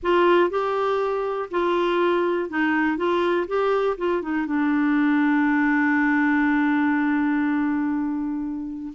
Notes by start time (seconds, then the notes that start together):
0.02 F4
0.50 G4
1.50 F4
2.49 D#4
2.97 F4
3.47 G4
3.97 F4
4.22 D#4
4.46 D4